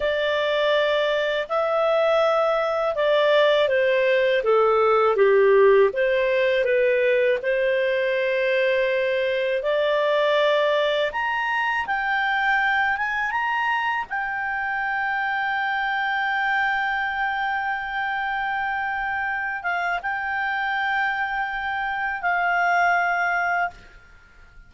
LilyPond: \new Staff \with { instrumentName = "clarinet" } { \time 4/4 \tempo 4 = 81 d''2 e''2 | d''4 c''4 a'4 g'4 | c''4 b'4 c''2~ | c''4 d''2 ais''4 |
g''4. gis''8 ais''4 g''4~ | g''1~ | g''2~ g''8 f''8 g''4~ | g''2 f''2 | }